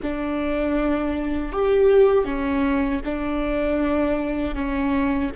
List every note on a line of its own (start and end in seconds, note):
0.02 1.52 D4
1.52 2.24 G4
2.24 3.00 C#4
3.04 4.54 D4
4.54 5.30 C#4